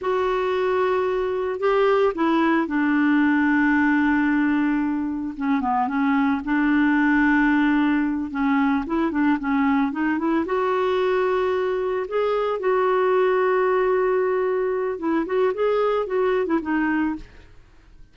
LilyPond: \new Staff \with { instrumentName = "clarinet" } { \time 4/4 \tempo 4 = 112 fis'2. g'4 | e'4 d'2.~ | d'2 cis'8 b8 cis'4 | d'2.~ d'8 cis'8~ |
cis'8 e'8 d'8 cis'4 dis'8 e'8 fis'8~ | fis'2~ fis'8 gis'4 fis'8~ | fis'1 | e'8 fis'8 gis'4 fis'8. e'16 dis'4 | }